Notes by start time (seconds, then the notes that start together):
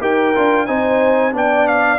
0.00 D#4 G4 A#4 G5
0.34 D4 F4
0.66 C4 D#4 C5 G#5
1.32 B3 D4 D5 G5
1.67 F5